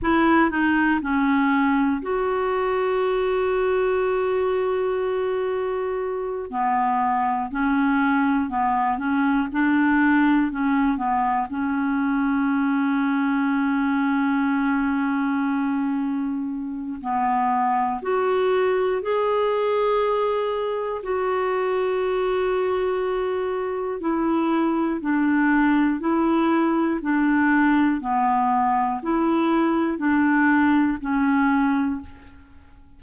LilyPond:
\new Staff \with { instrumentName = "clarinet" } { \time 4/4 \tempo 4 = 60 e'8 dis'8 cis'4 fis'2~ | fis'2~ fis'8 b4 cis'8~ | cis'8 b8 cis'8 d'4 cis'8 b8 cis'8~ | cis'1~ |
cis'4 b4 fis'4 gis'4~ | gis'4 fis'2. | e'4 d'4 e'4 d'4 | b4 e'4 d'4 cis'4 | }